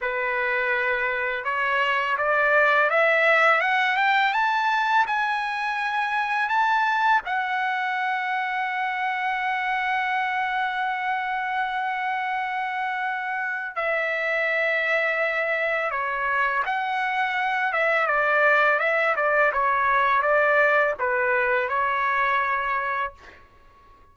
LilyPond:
\new Staff \with { instrumentName = "trumpet" } { \time 4/4 \tempo 4 = 83 b'2 cis''4 d''4 | e''4 fis''8 g''8 a''4 gis''4~ | gis''4 a''4 fis''2~ | fis''1~ |
fis''2. e''4~ | e''2 cis''4 fis''4~ | fis''8 e''8 d''4 e''8 d''8 cis''4 | d''4 b'4 cis''2 | }